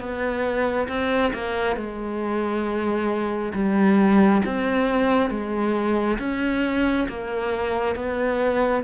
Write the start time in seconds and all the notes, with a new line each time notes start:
0.00 B3
0.88 C4
1.34 A#3
1.76 G#3
3.54 G3
4.46 C4
5.30 G#3
6.19 C#4
7.09 A#3
7.96 B3